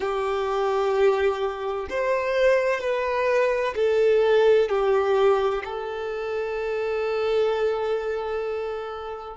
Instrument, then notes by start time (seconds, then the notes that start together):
violin
0.00 G4
1.89 C5
2.80 B4
3.75 A4
4.69 G4
5.64 A4